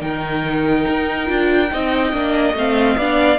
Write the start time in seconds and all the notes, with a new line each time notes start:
0.00 D#3 D#4 A#4 G5
0.88 D#4
1.26 D4 F4
1.72 C4 D#4 D#5
2.12 A#3 D4
2.53 A3 C4 F5
2.97 B3 D4 D5